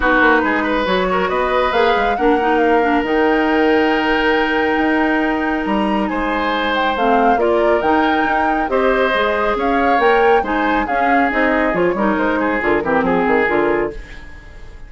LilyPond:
<<
  \new Staff \with { instrumentName = "flute" } { \time 4/4 \tempo 4 = 138 b'2 cis''4 dis''4 | f''4 fis''4 f''4 g''4~ | g''1~ | g''4 ais''4 gis''4. g''8 |
f''4 d''4 g''2 | dis''2 f''4 g''4 | gis''4 f''4 dis''4 cis''4 | c''4 ais'4 gis'4 ais'4 | }
  \new Staff \with { instrumentName = "oboe" } { \time 4/4 fis'4 gis'8 b'4 ais'8 b'4~ | b'4 ais'2.~ | ais'1~ | ais'2 c''2~ |
c''4 ais'2. | c''2 cis''2 | c''4 gis'2~ gis'8 ais'8~ | ais'8 gis'4 g'8 gis'2 | }
  \new Staff \with { instrumentName = "clarinet" } { \time 4/4 dis'2 fis'2 | gis'4 d'8 dis'4 d'8 dis'4~ | dis'1~ | dis'1 |
c'4 f'4 dis'2 | g'4 gis'2 ais'4 | dis'4 cis'4 dis'4 f'8 dis'8~ | dis'4 f'8 c'4. f'4 | }
  \new Staff \with { instrumentName = "bassoon" } { \time 4/4 b8 ais8 gis4 fis4 b4 | ais8 gis8 ais2 dis4~ | dis2. dis'4~ | dis'4 g4 gis2 |
a4 ais4 dis4 dis'4 | c'4 gis4 cis'4 ais4 | gis4 cis'4 c'4 f8 g8 | gis4 d8 e8 f8 dis8 d4 | }
>>